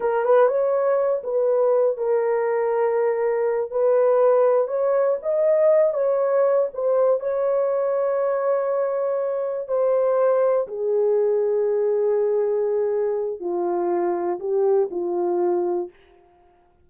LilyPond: \new Staff \with { instrumentName = "horn" } { \time 4/4 \tempo 4 = 121 ais'8 b'8 cis''4. b'4. | ais'2.~ ais'8 b'8~ | b'4. cis''4 dis''4. | cis''4. c''4 cis''4.~ |
cis''2.~ cis''8 c''8~ | c''4. gis'2~ gis'8~ | gis'2. f'4~ | f'4 g'4 f'2 | }